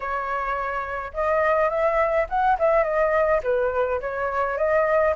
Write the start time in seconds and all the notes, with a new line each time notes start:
0.00 C#5
1.13 D#5
1.69 E5
2.29 F#5
2.58 E5
2.83 D#5
3.43 B4
4.00 C#5
4.57 D#5